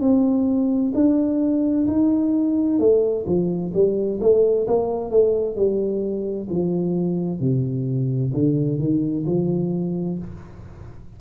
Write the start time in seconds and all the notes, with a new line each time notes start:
0.00 C4
0.94 D4
1.87 D#4
2.79 A3
3.26 F3
3.73 G3
4.20 A3
4.67 A#3
5.10 A3
5.56 G3
6.49 F3
7.40 C3
8.33 D3
8.79 D#3
9.26 F3